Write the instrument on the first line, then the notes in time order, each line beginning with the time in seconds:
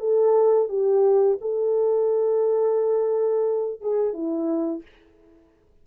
horn
0.00 A4
0.69 G4
1.41 A4
3.81 G#4
4.13 E4